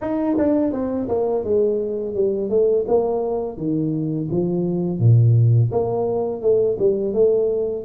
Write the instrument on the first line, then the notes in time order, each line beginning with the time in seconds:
tuba
0.01 D#4
0.37 D4
0.72 C4
1.08 A#3
1.44 G#3
2.14 G3
2.49 A3
2.87 A#3
3.57 D#3
4.30 F3
4.99 A#2
5.71 A#3
6.41 A3
6.79 G3
7.13 A3